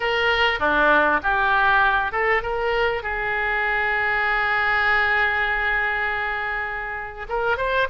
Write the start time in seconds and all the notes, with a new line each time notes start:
0.00 A#4
0.59 D4
1.22 G4
2.12 A4
2.42 A#4
3.02 G#4
7.29 A#4
7.57 C5